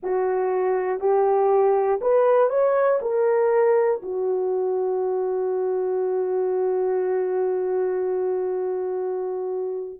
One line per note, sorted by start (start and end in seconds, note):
0.02 1.00 F#4
1.00 2.00 G4
2.00 2.50 B4
2.50 3.00 C#5
3.01 4.01 A#4
4.02 10.00 F#4